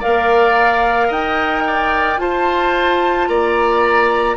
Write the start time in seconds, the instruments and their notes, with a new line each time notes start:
0.00 bassoon A#3, clarinet A#4, oboe D5, flute F5
1.08 bassoon D#4, oboe D#5, flute G5
1.67 oboe D5
2.18 bassoon F4, clarinet F4, oboe C5, flute A5
3.28 bassoon A#3, oboe D5, flute A#5